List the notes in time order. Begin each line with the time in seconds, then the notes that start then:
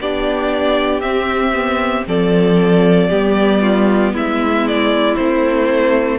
0.00 B3 D4 G4 D5
1.00 C4 E5
1.53 B3
2.07 F3 C4 A4 D5
3.09 G3 B3 G4
3.61 F4
4.13 G#3 E4 E5
4.67 D5
5.15 A3 C4 C5